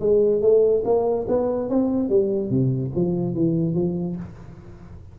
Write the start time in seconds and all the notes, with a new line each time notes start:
0.00 G#3
0.41 A3
0.85 A#3
1.28 B3
1.69 C4
2.09 G3
2.50 C3
2.95 F3
3.34 E3
3.75 F3